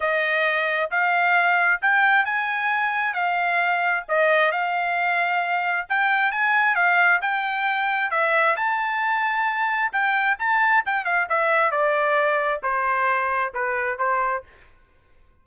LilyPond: \new Staff \with { instrumentName = "trumpet" } { \time 4/4 \tempo 4 = 133 dis''2 f''2 | g''4 gis''2 f''4~ | f''4 dis''4 f''2~ | f''4 g''4 gis''4 f''4 |
g''2 e''4 a''4~ | a''2 g''4 a''4 | g''8 f''8 e''4 d''2 | c''2 b'4 c''4 | }